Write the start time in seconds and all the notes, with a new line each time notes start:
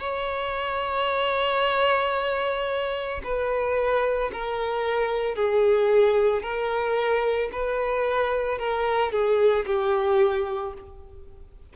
0.00 C#5
3.24 B4
4.32 A#4
5.36 G#4
6.42 A#4
7.52 B4
8.59 A#4
9.12 G#4
9.66 G4